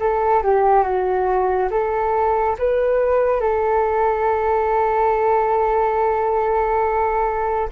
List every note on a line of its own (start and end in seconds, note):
0.00 0.43 A4
0.43 0.83 G4
0.83 1.69 F#4
1.71 2.56 A4
2.58 3.41 B4
3.41 7.69 A4